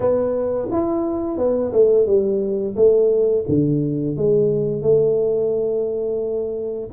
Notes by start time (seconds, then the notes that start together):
0.00 B3
0.71 E4
1.37 B3
1.72 A3
2.06 G3
2.76 A3
3.48 D3
4.16 G#3
4.82 A3